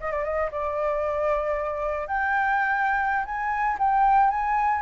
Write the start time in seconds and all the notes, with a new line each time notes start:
0.00 D#5
0.11 D5
0.24 D#5
0.51 D5
2.08 G5
3.25 G#5
3.78 G5
4.30 G#5